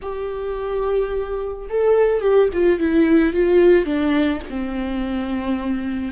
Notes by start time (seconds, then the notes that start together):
0.02 G4
1.69 A4
2.20 G4
2.53 F4
2.79 E4
3.33 F4
3.85 D4
4.49 C4